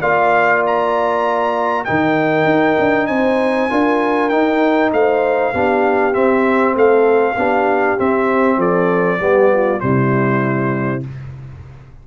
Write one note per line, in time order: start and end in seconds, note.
0.00 1.85 A#3
0.00 1.86 F4
0.00 1.84 D5
0.00 0.62 F5
0.66 1.84 A#5
1.84 2.44 D#3
1.84 3.70 D#4
1.84 3.08 A#4
1.84 3.06 G5
2.44 2.75 D#4
2.78 3.08 D4
3.06 3.69 C4
3.06 3.69 C5
3.06 4.28 G#5
3.69 4.32 D4
3.69 4.30 F4
3.69 4.92 A#4
4.28 5.53 D#4
4.28 4.92 D#4
4.28 4.90 G5
4.92 5.53 A3
4.92 5.53 C5
4.92 6.13 F5
5.53 6.15 B3
5.53 6.12 D4
5.53 6.74 G4
6.12 7.34 C4
6.12 6.74 C4
6.12 6.74 E5
6.74 7.36 A3
6.74 7.36 A4
6.74 7.99 F5
7.36 7.97 B3
7.36 7.98 D4
7.36 8.58 G4
7.98 9.19 C4
7.98 8.57 C4
7.98 8.60 E5
8.57 9.18 F3
8.57 9.19 A4
8.57 9.80 D5
9.19 9.81 G3
9.19 9.78 B3
9.19 9.52 G4
9.52 9.83 F4
9.78 11.05 C3
9.78 11.00 G3
9.78 11.02 C5
9.84 11.07 E4